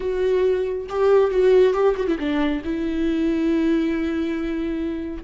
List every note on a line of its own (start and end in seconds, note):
0.00 0.87 F#4
0.89 1.30 G4
1.30 1.73 F#4
1.73 1.95 G4
1.96 2.07 F#4
2.07 2.17 E4
2.18 2.62 D4
2.64 5.23 E4